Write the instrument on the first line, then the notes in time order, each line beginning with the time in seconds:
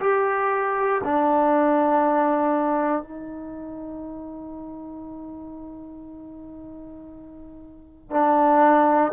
trombone
0.00 G4
1.04 D4
3.03 D#4
8.11 D4